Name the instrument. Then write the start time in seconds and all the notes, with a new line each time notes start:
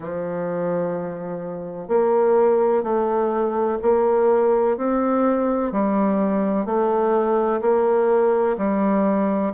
bassoon
0.00 F3
1.87 A#3
2.83 A3
3.81 A#3
4.77 C4
5.71 G3
6.65 A3
7.61 A#3
8.57 G3